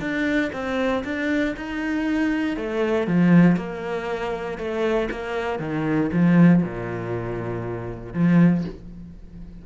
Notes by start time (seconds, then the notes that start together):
0.00 D4
0.53 C4
1.04 D4
1.57 D#4
2.57 A3
3.07 F3
3.56 A#3
4.58 A3
5.11 A#3
5.59 D#3
6.12 F3
6.63 A#2
8.14 F3